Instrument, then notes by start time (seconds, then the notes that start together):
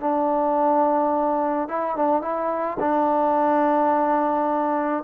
trombone
0.00 D4
1.68 E4
1.96 D4
2.21 E4
2.80 D4